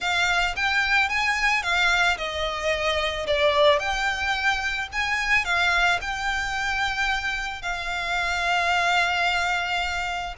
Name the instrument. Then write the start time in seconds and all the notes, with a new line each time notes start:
violin
0.00 F5
0.56 G5
1.09 G#5
1.62 F5
2.17 D#5
3.27 D5
3.79 G5
4.92 G#5
5.44 F5
6.01 G5
7.62 F5